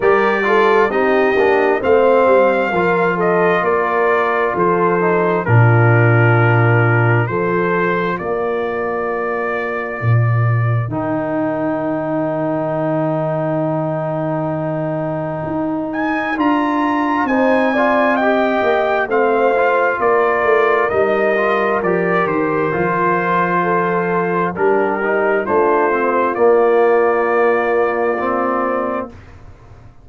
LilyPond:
<<
  \new Staff \with { instrumentName = "trumpet" } { \time 4/4 \tempo 4 = 66 d''4 dis''4 f''4. dis''8 | d''4 c''4 ais'2 | c''4 d''2. | g''1~ |
g''4. gis''8 ais''4 gis''4 | g''4 f''4 d''4 dis''4 | d''8 c''2~ c''8 ais'4 | c''4 d''2. | }
  \new Staff \with { instrumentName = "horn" } { \time 4/4 ais'8 a'8 g'4 c''4 ais'8 a'8 | ais'4 a'4 f'2 | a'4 ais'2.~ | ais'1~ |
ais'2. c''8 d''8 | dis''4 c''4 ais'2~ | ais'2 a'4 g'4 | f'1 | }
  \new Staff \with { instrumentName = "trombone" } { \time 4/4 g'8 f'8 dis'8 d'8 c'4 f'4~ | f'4. dis'8 d'2 | f'1 | dis'1~ |
dis'2 f'4 dis'8 f'8 | g'4 c'8 f'4. dis'8 f'8 | g'4 f'2 d'8 dis'8 | d'8 c'8 ais2 c'4 | }
  \new Staff \with { instrumentName = "tuba" } { \time 4/4 g4 c'8 ais8 a8 g8 f4 | ais4 f4 ais,2 | f4 ais2 ais,4 | dis1~ |
dis4 dis'4 d'4 c'4~ | c'8 ais8 a4 ais8 a8 g4 | f8 dis8 f2 g4 | a4 ais2. | }
>>